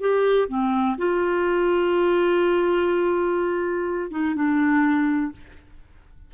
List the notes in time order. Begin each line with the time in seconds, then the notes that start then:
0.00 G4
0.48 C4
0.97 F4
4.11 D#4
4.35 D4